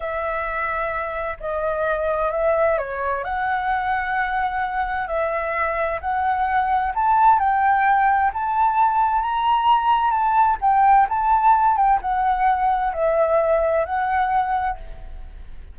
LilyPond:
\new Staff \with { instrumentName = "flute" } { \time 4/4 \tempo 4 = 130 e''2. dis''4~ | dis''4 e''4 cis''4 fis''4~ | fis''2. e''4~ | e''4 fis''2 a''4 |
g''2 a''2 | ais''2 a''4 g''4 | a''4. g''8 fis''2 | e''2 fis''2 | }